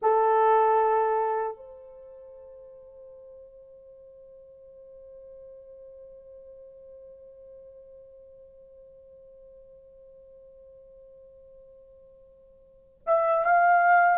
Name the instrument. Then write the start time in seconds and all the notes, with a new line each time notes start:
horn
0.01 A4
1.56 C5
13.06 E5
13.45 F5